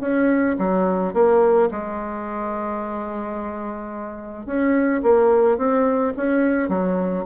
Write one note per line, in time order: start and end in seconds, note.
0.00 0.56 C#4
0.58 1.13 F#3
1.13 1.69 A#3
1.71 4.46 G#3
4.46 5.02 C#4
5.03 5.58 A#3
5.58 6.13 C4
6.17 6.68 C#4
6.68 7.24 F#3